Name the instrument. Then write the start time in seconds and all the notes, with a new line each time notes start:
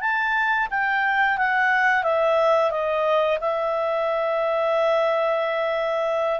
clarinet
0.00 A5
0.70 G5
1.37 F#5
2.03 E5
2.71 D#5
3.40 E5